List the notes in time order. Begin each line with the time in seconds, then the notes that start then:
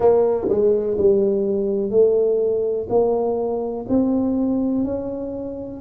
0.00 A#3
0.48 G#3
0.97 G3
1.90 A3
2.89 A#3
3.88 C4
4.84 C#4